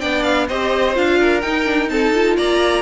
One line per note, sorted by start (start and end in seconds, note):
0.00 0.50 B3
0.00 0.49 D4
0.00 0.47 D5
0.00 0.23 G5
0.23 0.47 F5
0.48 0.97 C4
0.48 0.95 G4
0.48 1.19 C5
0.48 0.96 D#5
0.95 1.43 D4
0.95 1.42 F4
0.95 1.41 F5
1.20 1.90 A#4
1.41 2.38 D#4
1.41 1.65 D#4
1.41 1.88 G5
1.65 1.88 D4
1.89 2.13 C4
1.89 2.37 A4
1.89 2.37 A5
2.14 2.82 F4
2.37 2.82 A#3
2.37 2.82 D5
2.37 2.82 A#5